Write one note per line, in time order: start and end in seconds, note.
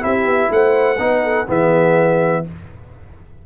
0.00 0.25 C4
0.00 0.96 E4
0.00 0.51 G4
0.00 0.51 E5
0.25 0.49 B3
0.50 0.98 A3
0.50 1.01 C5
0.50 1.48 F#5
0.98 1.47 B3
0.98 1.47 D#4
0.98 1.23 B4
1.23 1.47 A4
1.47 2.44 E3
1.47 2.44 B3
1.47 2.43 G#4
1.47 2.46 E5